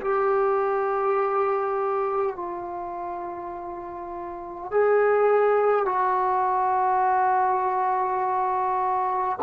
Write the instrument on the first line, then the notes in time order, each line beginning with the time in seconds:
trombone
0.00 G4
2.35 F4
4.71 G#4
5.85 F#4